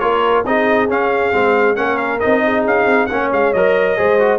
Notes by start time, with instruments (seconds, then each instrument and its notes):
0.00 tuba A#3, trombone F4, horn A#4, trumpet C#5
0.45 tuba C4, trombone D#4, horn G#4, trumpet D#5
0.89 trombone C#4, tuba C#4, trumpet F5
1.33 tuba G#3, trombone C4
1.76 tuba A#3, trombone C#4, horn A#4, trumpet F#5
1.97 trumpet F5
2.20 tuba C4, trombone D#4, trumpet D#5
2.44 horn G#4
2.65 tuba C#4, trumpet F5
2.86 tuba C4
3.07 tuba A#3, trombone C#4, horn C#5, trumpet F#5
3.32 tuba G#3, trumpet F5
3.53 tuba F#3, trombone A#4, trumpet D#5
3.97 tuba G#3, trombone G#4, horn C5
4.20 trombone F#4